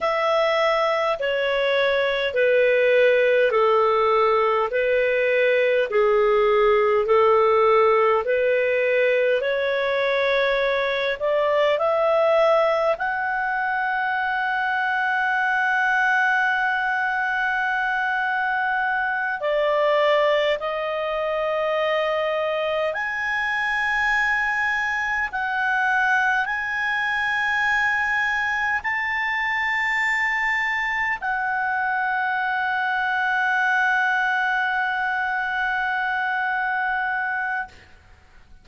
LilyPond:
\new Staff \with { instrumentName = "clarinet" } { \time 4/4 \tempo 4 = 51 e''4 cis''4 b'4 a'4 | b'4 gis'4 a'4 b'4 | cis''4. d''8 e''4 fis''4~ | fis''1~ |
fis''8 d''4 dis''2 gis''8~ | gis''4. fis''4 gis''4.~ | gis''8 a''2 fis''4.~ | fis''1 | }